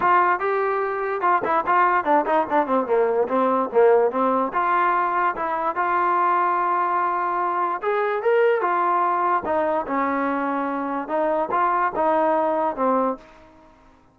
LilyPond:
\new Staff \with { instrumentName = "trombone" } { \time 4/4 \tempo 4 = 146 f'4 g'2 f'8 e'8 | f'4 d'8 dis'8 d'8 c'8 ais4 | c'4 ais4 c'4 f'4~ | f'4 e'4 f'2~ |
f'2. gis'4 | ais'4 f'2 dis'4 | cis'2. dis'4 | f'4 dis'2 c'4 | }